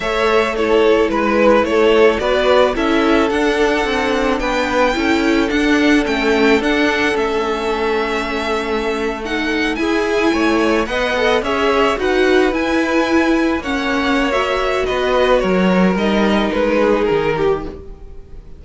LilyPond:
<<
  \new Staff \with { instrumentName = "violin" } { \time 4/4 \tempo 4 = 109 e''4 cis''4 b'4 cis''4 | d''4 e''4 fis''2 | g''2 fis''4 g''4 | fis''4 e''2.~ |
e''8. fis''4 gis''2 fis''16~ | fis''8. e''4 fis''4 gis''4~ gis''16~ | gis''8. fis''4~ fis''16 e''4 dis''4 | cis''4 dis''4 b'4 ais'4 | }
  \new Staff \with { instrumentName = "violin" } { \time 4/4 cis''4 a'4 b'4 a'4 | b'4 a'2. | b'4 a'2.~ | a'1~ |
a'4.~ a'16 gis'4 cis''4 dis''16~ | dis''8. cis''4 b'2~ b'16~ | b'8. cis''2~ cis''16 b'4 | ais'2~ ais'8 gis'4 g'8 | }
  \new Staff \with { instrumentName = "viola" } { \time 4/4 a'4 e'2. | fis'4 e'4 d'2~ | d'4 e'4 d'4 cis'4 | d'4 cis'2.~ |
cis'8. dis'4 e'2 b'16~ | b'16 a'8 gis'4 fis'4 e'4~ e'16~ | e'8. cis'4~ cis'16 fis'2~ | fis'4 dis'2. | }
  \new Staff \with { instrumentName = "cello" } { \time 4/4 a2 gis4 a4 | b4 cis'4 d'4 c'4 | b4 cis'4 d'4 a4 | d'4 a2.~ |
a4.~ a16 e'4 a4 b16~ | b8. cis'4 dis'4 e'4~ e'16~ | e'8. ais2~ ais16 b4 | fis4 g4 gis4 dis4 | }
>>